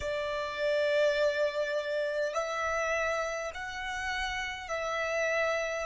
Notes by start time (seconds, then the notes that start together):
0.00 D5
2.33 E5
3.54 F#5
4.68 E5